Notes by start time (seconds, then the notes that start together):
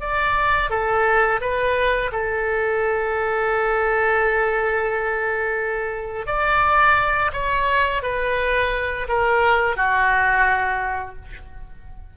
0.00 D5
0.70 A4
1.40 B4
2.12 A4
6.26 D5
7.33 C#5
8.02 B4
9.08 A#4
9.76 F#4